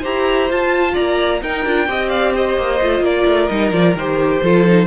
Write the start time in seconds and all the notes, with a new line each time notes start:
0.00 E4 G4 C5 A#5
0.49 F4 A5
0.93 A#3 D5 A#5
1.42 D#4 A#4 G5
1.65 D4 F4
1.87 C4 G4 D#5
2.09 D5 F5
2.34 C5 D#5
2.57 A#3
2.81 A3 F4
3.00 A#3 A#4 D5
3.26 A3
3.47 G3 D#4 D#5
3.71 F3 F4 D5
3.94 D#3 G4 C5
4.42 F3 F4 A4
4.67 D#4